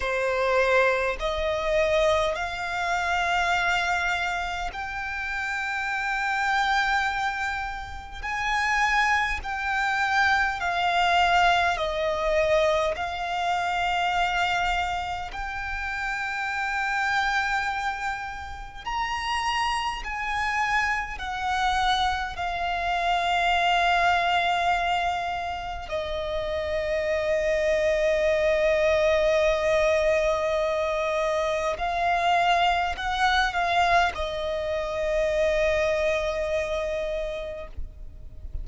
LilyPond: \new Staff \with { instrumentName = "violin" } { \time 4/4 \tempo 4 = 51 c''4 dis''4 f''2 | g''2. gis''4 | g''4 f''4 dis''4 f''4~ | f''4 g''2. |
ais''4 gis''4 fis''4 f''4~ | f''2 dis''2~ | dis''2. f''4 | fis''8 f''8 dis''2. | }